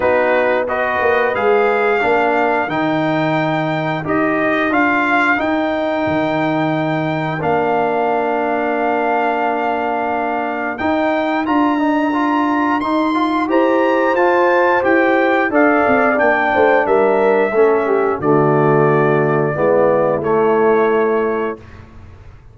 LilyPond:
<<
  \new Staff \with { instrumentName = "trumpet" } { \time 4/4 \tempo 4 = 89 b'4 dis''4 f''2 | g''2 dis''4 f''4 | g''2. f''4~ | f''1 |
g''4 ais''2 c'''4 | ais''4 a''4 g''4 f''4 | g''4 e''2 d''4~ | d''2 cis''2 | }
  \new Staff \with { instrumentName = "horn" } { \time 4/4 fis'4 b'2 ais'4~ | ais'1~ | ais'1~ | ais'1~ |
ais'1 | c''2. d''4~ | d''8 c''8 ais'4 a'8 g'8 fis'4~ | fis'4 e'2. | }
  \new Staff \with { instrumentName = "trombone" } { \time 4/4 dis'4 fis'4 gis'4 d'4 | dis'2 g'4 f'4 | dis'2. d'4~ | d'1 |
dis'4 f'8 dis'8 f'4 dis'8 f'8 | g'4 f'4 g'4 a'4 | d'2 cis'4 a4~ | a4 b4 a2 | }
  \new Staff \with { instrumentName = "tuba" } { \time 4/4 b4. ais8 gis4 ais4 | dis2 dis'4 d'4 | dis'4 dis2 ais4~ | ais1 |
dis'4 d'2 dis'4 | e'4 f'4 e'4 d'8 c'8 | ais8 a8 g4 a4 d4~ | d4 gis4 a2 | }
>>